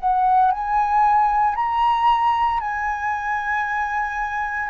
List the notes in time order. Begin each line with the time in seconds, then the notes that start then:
0.00 F#5
0.52 G#5
1.56 A#5
2.60 G#5